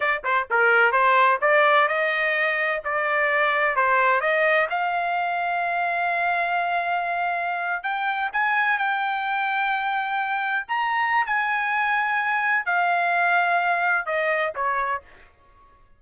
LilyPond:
\new Staff \with { instrumentName = "trumpet" } { \time 4/4 \tempo 4 = 128 d''8 c''8 ais'4 c''4 d''4 | dis''2 d''2 | c''4 dis''4 f''2~ | f''1~ |
f''8. g''4 gis''4 g''4~ g''16~ | g''2~ g''8. ais''4~ ais''16 | gis''2. f''4~ | f''2 dis''4 cis''4 | }